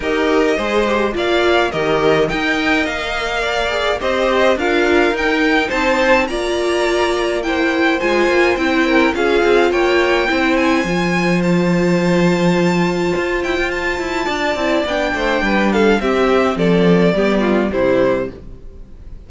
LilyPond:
<<
  \new Staff \with { instrumentName = "violin" } { \time 4/4 \tempo 4 = 105 dis''2 f''4 dis''4 | g''4 f''2 dis''4 | f''4 g''4 a''4 ais''4~ | ais''4 g''4 gis''4 g''4 |
f''4 g''4. gis''4. | a''2.~ a''8 g''8 | a''2 g''4. f''8 | e''4 d''2 c''4 | }
  \new Staff \with { instrumentName = "violin" } { \time 4/4 ais'4 c''4 d''4 ais'4 | dis''2 d''4 c''4 | ais'2 c''4 d''4~ | d''4 c''2~ c''8 ais'8 |
gis'4 cis''4 c''2~ | c''1~ | c''4 d''4. c''8 b'8 a'8 | g'4 a'4 g'8 f'8 e'4 | }
  \new Staff \with { instrumentName = "viola" } { \time 4/4 g'4 gis'8 g'8 f'4 g'4 | ais'2~ ais'8 gis'8 g'4 | f'4 dis'2 f'4~ | f'4 e'4 f'4 e'4 |
f'2 e'4 f'4~ | f'1~ | f'4. e'8 d'2 | c'2 b4 g4 | }
  \new Staff \with { instrumentName = "cello" } { \time 4/4 dis'4 gis4 ais4 dis4 | dis'4 ais2 c'4 | d'4 dis'4 c'4 ais4~ | ais2 gis8 ais8 c'4 |
cis'8 c'8 ais4 c'4 f4~ | f2. f'8 e'16 f'16~ | f'8 e'8 d'8 c'8 b8 a8 g4 | c'4 f4 g4 c4 | }
>>